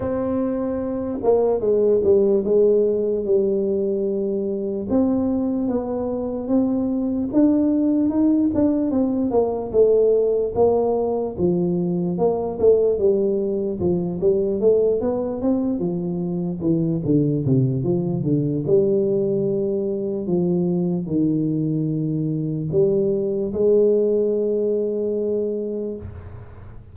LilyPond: \new Staff \with { instrumentName = "tuba" } { \time 4/4 \tempo 4 = 74 c'4. ais8 gis8 g8 gis4 | g2 c'4 b4 | c'4 d'4 dis'8 d'8 c'8 ais8 | a4 ais4 f4 ais8 a8 |
g4 f8 g8 a8 b8 c'8 f8~ | f8 e8 d8 c8 f8 d8 g4~ | g4 f4 dis2 | g4 gis2. | }